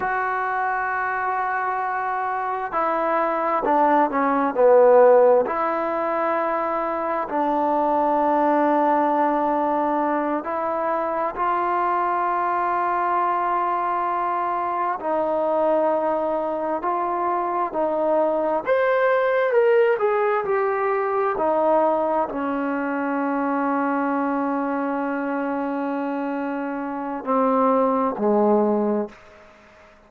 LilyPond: \new Staff \with { instrumentName = "trombone" } { \time 4/4 \tempo 4 = 66 fis'2. e'4 | d'8 cis'8 b4 e'2 | d'2.~ d'8 e'8~ | e'8 f'2.~ f'8~ |
f'8 dis'2 f'4 dis'8~ | dis'8 c''4 ais'8 gis'8 g'4 dis'8~ | dis'8 cis'2.~ cis'8~ | cis'2 c'4 gis4 | }